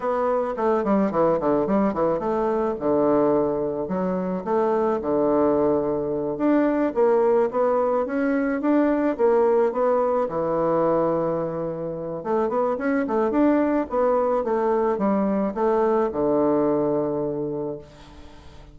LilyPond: \new Staff \with { instrumentName = "bassoon" } { \time 4/4 \tempo 4 = 108 b4 a8 g8 e8 d8 g8 e8 | a4 d2 fis4 | a4 d2~ d8 d'8~ | d'8 ais4 b4 cis'4 d'8~ |
d'8 ais4 b4 e4.~ | e2 a8 b8 cis'8 a8 | d'4 b4 a4 g4 | a4 d2. | }